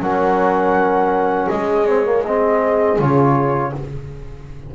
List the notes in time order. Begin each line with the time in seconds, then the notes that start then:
0.00 F#3 C#4 A#4 F#5
1.50 G#3 G#4 D#5
1.87 C4 C#5
2.05 A#3
2.25 C4 D#5
2.99 C#3 F4 C#5